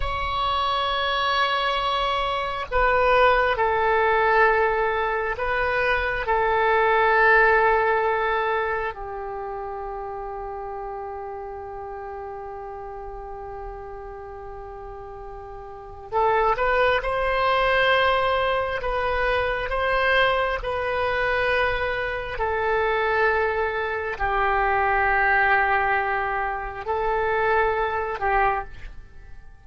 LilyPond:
\new Staff \with { instrumentName = "oboe" } { \time 4/4 \tempo 4 = 67 cis''2. b'4 | a'2 b'4 a'4~ | a'2 g'2~ | g'1~ |
g'2 a'8 b'8 c''4~ | c''4 b'4 c''4 b'4~ | b'4 a'2 g'4~ | g'2 a'4. g'8 | }